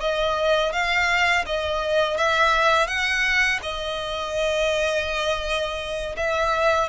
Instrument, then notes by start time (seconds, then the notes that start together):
violin
0.00 D#5
0.72 F5
1.46 D#5
2.17 E5
2.87 F#5
3.62 D#5
6.16 E5